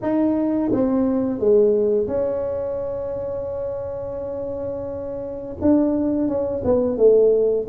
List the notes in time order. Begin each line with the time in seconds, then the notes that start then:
0.02 D#4
0.72 C4
1.39 G#3
2.07 C#4
5.61 D4
6.28 C#4
6.64 B3
6.97 A3